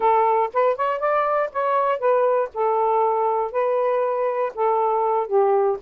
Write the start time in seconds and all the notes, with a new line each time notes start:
0.00 A4
0.53 B4
0.76 C#5
0.99 D5
1.52 C#5
1.98 B4
2.53 A4
3.51 B4
4.54 A4
5.27 G4